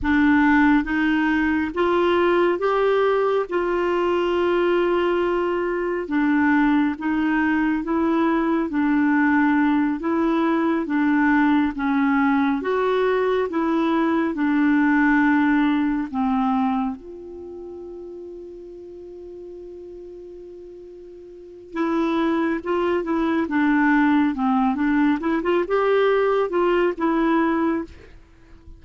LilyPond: \new Staff \with { instrumentName = "clarinet" } { \time 4/4 \tempo 4 = 69 d'4 dis'4 f'4 g'4 | f'2. d'4 | dis'4 e'4 d'4. e'8~ | e'8 d'4 cis'4 fis'4 e'8~ |
e'8 d'2 c'4 f'8~ | f'1~ | f'4 e'4 f'8 e'8 d'4 | c'8 d'8 e'16 f'16 g'4 f'8 e'4 | }